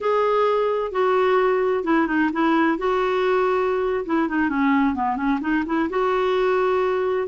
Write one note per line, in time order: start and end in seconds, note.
0.00 0.91 G#4
0.91 1.84 F#4
1.84 2.07 E4
2.07 2.30 D#4
2.33 2.78 E4
2.78 4.05 F#4
4.05 4.28 E4
4.28 4.49 D#4
4.49 4.94 C#4
4.94 5.16 B3
5.16 5.39 C#4
5.41 5.64 D#4
5.66 5.89 E4
5.89 7.27 F#4